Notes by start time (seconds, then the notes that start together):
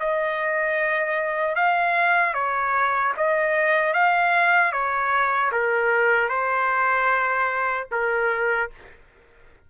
0.00 D#5
1.55 F5
2.34 C#5
3.17 D#5
3.94 F5
4.72 C#5
5.52 A#4
6.29 C5
7.91 A#4